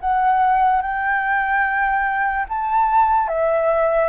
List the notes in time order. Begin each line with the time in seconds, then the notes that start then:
0.00 F#5
0.81 G5
2.48 A5
3.28 E5